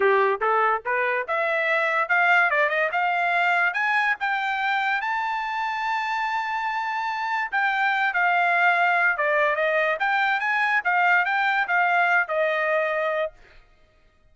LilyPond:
\new Staff \with { instrumentName = "trumpet" } { \time 4/4 \tempo 4 = 144 g'4 a'4 b'4 e''4~ | e''4 f''4 d''8 dis''8 f''4~ | f''4 gis''4 g''2 | a''1~ |
a''2 g''4. f''8~ | f''2 d''4 dis''4 | g''4 gis''4 f''4 g''4 | f''4. dis''2~ dis''8 | }